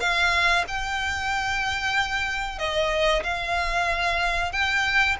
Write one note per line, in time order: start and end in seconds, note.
0.00 0.65 F5
0.67 2.58 G5
2.58 3.23 D#5
3.23 4.52 F5
4.52 5.16 G5